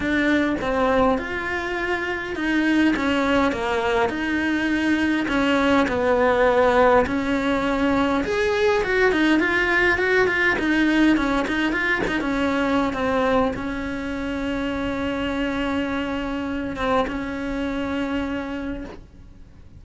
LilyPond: \new Staff \with { instrumentName = "cello" } { \time 4/4 \tempo 4 = 102 d'4 c'4 f'2 | dis'4 cis'4 ais4 dis'4~ | dis'4 cis'4 b2 | cis'2 gis'4 fis'8 dis'8 |
f'4 fis'8 f'8 dis'4 cis'8 dis'8 | f'8 dis'16 cis'4~ cis'16 c'4 cis'4~ | cis'1~ | cis'8 c'8 cis'2. | }